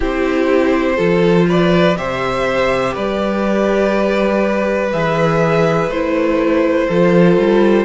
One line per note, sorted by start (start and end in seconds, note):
0.00 0.99 C4
0.00 0.96 E4
0.00 0.96 G4
0.00 1.49 C5
0.96 1.97 F3
0.96 1.95 F4
0.96 1.45 A4
1.48 1.97 B4
1.48 1.97 D5
1.97 2.95 C3
1.97 4.92 G4
1.97 2.93 C5
1.97 2.95 E5
2.93 4.92 G3
2.93 6.87 B4
2.93 4.92 D5
4.92 5.87 E3
4.92 5.91 G#4
4.92 5.90 E5
5.87 6.86 A3
5.87 6.90 E4
5.87 7.85 C5
6.87 7.37 F3
6.87 7.85 F4
6.87 7.85 A4
7.37 7.85 G3